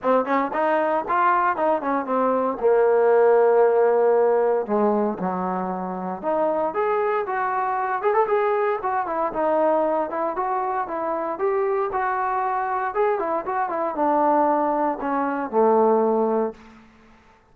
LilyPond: \new Staff \with { instrumentName = "trombone" } { \time 4/4 \tempo 4 = 116 c'8 cis'8 dis'4 f'4 dis'8 cis'8 | c'4 ais2.~ | ais4 gis4 fis2 | dis'4 gis'4 fis'4. gis'16 a'16 |
gis'4 fis'8 e'8 dis'4. e'8 | fis'4 e'4 g'4 fis'4~ | fis'4 gis'8 e'8 fis'8 e'8 d'4~ | d'4 cis'4 a2 | }